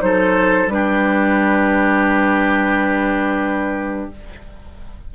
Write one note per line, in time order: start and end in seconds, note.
0.00 0.67 F#3
0.00 0.68 D#4
0.00 0.74 A4
0.00 0.70 C5
0.67 4.08 G3
0.67 4.12 D4
0.67 4.11 B4
0.74 4.15 G4